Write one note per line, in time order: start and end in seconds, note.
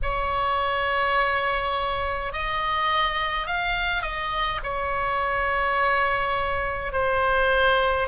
0.02 2.32 C#5
2.32 3.46 D#5
3.46 4.02 F5
4.02 4.60 D#5
4.63 6.92 C#5
6.92 8.08 C5